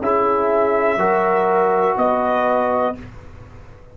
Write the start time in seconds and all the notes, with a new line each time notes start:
0.00 C#4 E4 G#4 E5
0.97 F#3 F#4 A#4
1.97 B3 B4 D#5